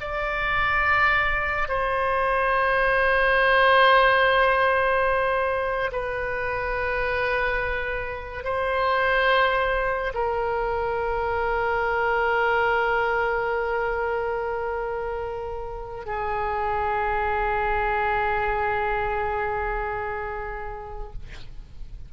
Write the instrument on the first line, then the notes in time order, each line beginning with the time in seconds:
oboe
0.00 D5
1.68 C5
5.92 B4
8.44 C5
10.14 A#4
16.05 G#4